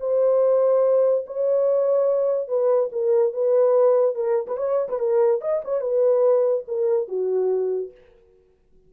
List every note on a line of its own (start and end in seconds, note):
0.00 1.25 C5
1.26 2.48 C#5
2.48 2.90 B4
2.92 3.33 A#4
3.33 4.15 B4
4.15 4.47 A#4
4.47 4.57 B4
4.57 4.88 C#5
4.89 4.99 B4
4.99 5.41 A#4
5.41 5.62 D#5
5.64 5.80 C#5
5.80 6.64 B4
6.68 7.08 A#4
7.08 7.91 F#4